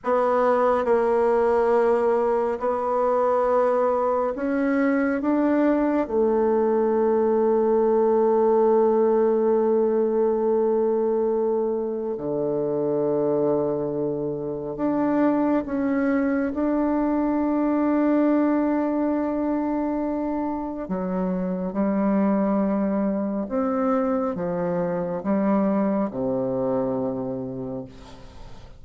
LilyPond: \new Staff \with { instrumentName = "bassoon" } { \time 4/4 \tempo 4 = 69 b4 ais2 b4~ | b4 cis'4 d'4 a4~ | a1~ | a2 d2~ |
d4 d'4 cis'4 d'4~ | d'1 | fis4 g2 c'4 | f4 g4 c2 | }